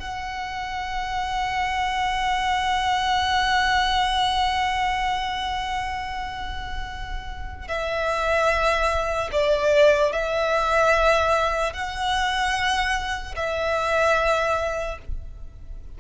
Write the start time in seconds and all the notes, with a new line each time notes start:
0.00 F#5
7.68 E5
9.32 D5
10.13 E5
11.73 F#5
13.36 E5